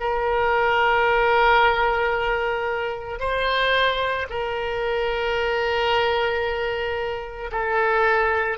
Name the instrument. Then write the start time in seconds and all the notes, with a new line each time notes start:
oboe
0.00 A#4
3.19 C5
4.30 A#4
7.52 A4